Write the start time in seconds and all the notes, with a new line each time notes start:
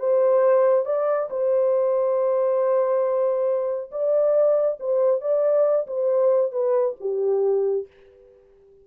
0.00 C5
0.86 D5
1.31 C5
3.92 D5
4.80 C5
5.22 D5
5.88 C5
6.52 B4
7.01 G4